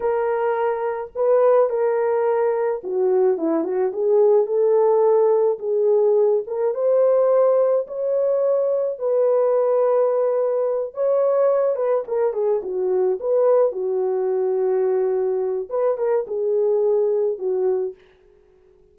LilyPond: \new Staff \with { instrumentName = "horn" } { \time 4/4 \tempo 4 = 107 ais'2 b'4 ais'4~ | ais'4 fis'4 e'8 fis'8 gis'4 | a'2 gis'4. ais'8 | c''2 cis''2 |
b'2.~ b'8 cis''8~ | cis''4 b'8 ais'8 gis'8 fis'4 b'8~ | b'8 fis'2.~ fis'8 | b'8 ais'8 gis'2 fis'4 | }